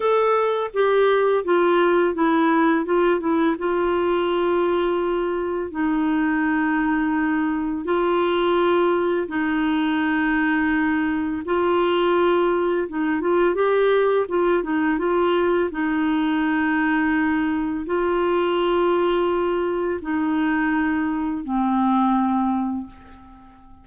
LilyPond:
\new Staff \with { instrumentName = "clarinet" } { \time 4/4 \tempo 4 = 84 a'4 g'4 f'4 e'4 | f'8 e'8 f'2. | dis'2. f'4~ | f'4 dis'2. |
f'2 dis'8 f'8 g'4 | f'8 dis'8 f'4 dis'2~ | dis'4 f'2. | dis'2 c'2 | }